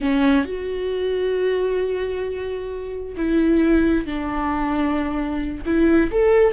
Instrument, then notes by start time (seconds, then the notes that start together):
viola
0.00 C#4
0.45 F#4
3.16 E4
4.06 D4
5.65 E4
6.11 A4